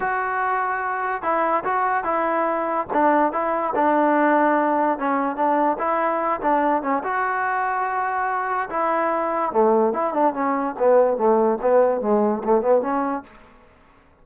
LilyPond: \new Staff \with { instrumentName = "trombone" } { \time 4/4 \tempo 4 = 145 fis'2. e'4 | fis'4 e'2 d'4 | e'4 d'2. | cis'4 d'4 e'4. d'8~ |
d'8 cis'8 fis'2.~ | fis'4 e'2 a4 | e'8 d'8 cis'4 b4 a4 | b4 gis4 a8 b8 cis'4 | }